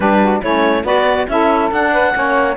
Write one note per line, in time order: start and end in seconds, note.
0.00 0.41 G3
0.00 0.43 D4
0.00 0.18 G4
0.00 0.42 B4
0.21 0.41 F#4
0.41 0.84 A3
0.41 0.84 C#4
0.41 0.84 E4
0.41 0.86 C#5
0.84 1.26 B3
0.84 1.27 F#4
0.84 1.27 B4
0.84 1.28 D5
1.27 1.71 C#4
1.27 1.70 E4
1.27 1.92 A4
1.27 1.72 E5
1.71 2.14 D4
1.71 2.56 F#5
1.92 2.13 B4
2.14 2.56 A#3
2.14 2.56 C#4
2.14 2.56 C#5